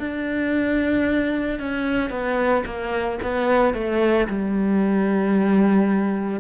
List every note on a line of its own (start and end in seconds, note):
0.00 1.60 D4
1.60 2.11 C#4
2.11 2.64 B3
2.66 3.19 A#3
3.23 3.75 B3
3.75 4.28 A3
4.28 6.40 G3